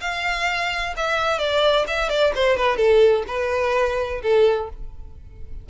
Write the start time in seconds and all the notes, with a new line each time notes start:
0.00 F5
0.96 E5
1.38 D5
1.87 E5
2.09 D5
2.35 C5
2.57 B4
2.76 A4
3.27 B4
4.22 A4